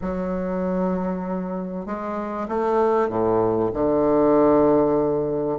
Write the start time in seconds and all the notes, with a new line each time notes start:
0.01 F#3
1.86 G#3
2.48 A3
3.08 A2
3.73 D3